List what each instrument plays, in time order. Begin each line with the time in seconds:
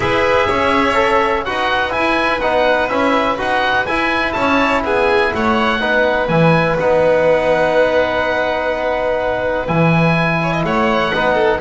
0.00 double bass E4, trombone G#4, violin B4, oboe E5
0.46 double bass C#4, violin C#5
0.94 trombone A4
1.44 double bass D#4, trombone F#4, violin B4, oboe F#5
1.90 trombone E4, oboe G#5
1.96 double bass E4
2.40 double bass B3, trombone D#4, oboe F#5
2.88 double bass C#4, trombone E4, oboe E5
3.37 double bass D#4, trombone F#4, oboe F#5
3.86 double bass E4, trombone E4, oboe G#5
4.32 double bass C#4, violin C#5, oboe A5
4.84 double bass B3, violin G#4, oboe G#5
5.34 double bass A3, violin C#5, oboe F#5
5.80 double bass B3, trombone D#4, violin B4
6.28 double bass E3, trombone E4, oboe G#5
6.79 double bass B3, trombone D#4, oboe F#5
9.67 double bass E3, trombone E4, oboe G#5
10.42 violin C#5
10.53 violin D#5
10.63 double bass A3, violin C#5, oboe F#5
11.13 double bass B3, trombone D#4, violin B4
11.34 violin A4